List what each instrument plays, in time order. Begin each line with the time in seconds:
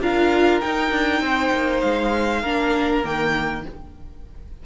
0.00 cello D4, viola F4, violin A#4 F5
0.60 viola D#4, cello D#4, violin G5
0.91 cello D4
1.20 cello C4, violin C5
1.52 cello A#3
1.80 cello G#3, violin F5
2.41 cello A#3, viola D4, violin A#4
3.03 cello D#3, viola A#3, violin G5